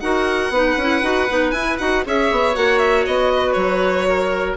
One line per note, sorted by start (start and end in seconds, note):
0.00 0.50 D#4
0.00 0.52 F#4
0.00 0.53 A#4
0.00 1.51 F#5
0.50 0.75 B3
0.50 0.80 D#4
0.50 2.06 B4
0.77 1.02 C#4
0.77 1.03 E4
1.03 1.28 D#4
1.03 1.28 F#4
1.29 1.52 B3
1.29 1.54 D#4
1.51 1.78 E4
1.51 1.76 G#5
1.58 1.79 E4
1.79 2.06 D#4
1.79 2.05 F#4
1.79 2.04 F#5
2.05 2.31 C#4
2.05 2.55 G#4
2.05 3.33 C#5
2.05 2.56 E5
2.31 2.56 B3
2.55 3.07 A#3
2.55 4.57 F#4
2.55 2.79 F#5
2.79 3.04 E5
3.06 3.56 B3
3.06 3.53 D#5
3.36 4.09 B4
3.53 4.57 F#3
3.53 4.54 C#5
4.09 4.57 A#4